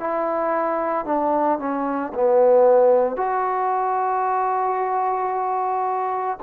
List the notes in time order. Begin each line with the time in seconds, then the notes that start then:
0.00 E4
1.06 D4
1.59 C#4
2.14 B3
3.17 F#4